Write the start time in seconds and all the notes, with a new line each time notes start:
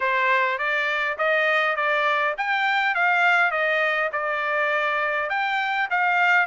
0.00 C5
0.58 D5
1.18 D#5
1.75 D5
2.37 G5
2.94 F5
3.51 D#5
4.12 D5
5.29 G5
5.90 F5